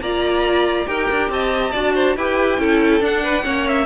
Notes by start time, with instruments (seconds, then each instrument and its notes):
0.00 cello A#3, viola F4, violin D5 A#5
0.86 cello D#4, viola G4, violin A#4 G5
1.10 cello D4
1.29 cello C4, violin D#5 A5
1.71 cello D4, viola F#4, violin D5
1.94 violin C5
2.16 cello E4, viola G4, violin B4 G5
2.58 cello C#4, viola E4, violin A4
3.00 cello D4, viola D4, violin F#5
3.23 violin B4
3.42 cello A#3, viola C#4, violin C#5
3.67 violin E5